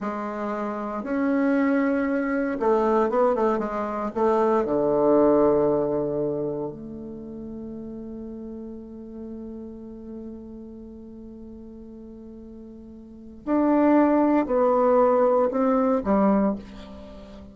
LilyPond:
\new Staff \with { instrumentName = "bassoon" } { \time 4/4 \tempo 4 = 116 gis2 cis'2~ | cis'4 a4 b8 a8 gis4 | a4 d2.~ | d4 a2.~ |
a1~ | a1~ | a2 d'2 | b2 c'4 g4 | }